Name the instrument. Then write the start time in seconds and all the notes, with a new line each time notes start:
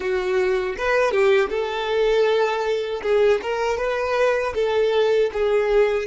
violin
0.00 F#4
0.77 B4
1.11 G4
1.49 A4
3.02 G#4
3.42 A#4
3.77 B4
4.55 A4
5.32 G#4